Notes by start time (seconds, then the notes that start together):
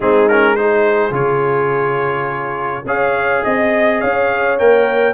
0.00 G#3 C4 D#4 G#4
0.28 C#4 A#4
0.55 D#4 G#4 C5
1.11 C#3 F4 C#5
2.85 C#4 G#4 C#5 F5
3.43 C4 D#5
4.00 C#4 C#5 F5
4.58 A#3 A#4 G5